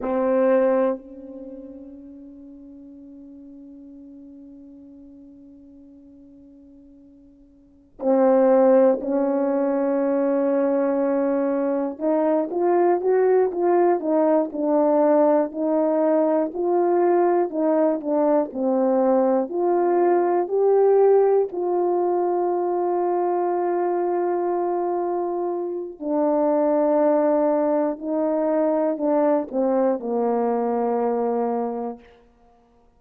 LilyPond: \new Staff \with { instrumentName = "horn" } { \time 4/4 \tempo 4 = 60 c'4 cis'2.~ | cis'1 | c'4 cis'2. | dis'8 f'8 fis'8 f'8 dis'8 d'4 dis'8~ |
dis'8 f'4 dis'8 d'8 c'4 f'8~ | f'8 g'4 f'2~ f'8~ | f'2 d'2 | dis'4 d'8 c'8 ais2 | }